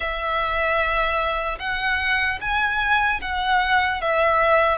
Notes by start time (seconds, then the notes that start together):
0.00 E5
1.59 F#5
2.40 G#5
3.21 F#5
4.01 E5